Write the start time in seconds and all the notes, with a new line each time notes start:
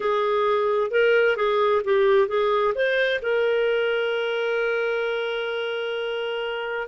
0.00 G#4
0.90 A#4
1.36 G#4
1.84 G4
2.28 G#4
2.74 C5
3.22 A#4